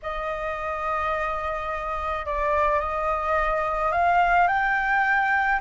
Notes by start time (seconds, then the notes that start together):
0.02 D#5
2.25 D5
2.79 D#5
3.92 F5
4.47 G5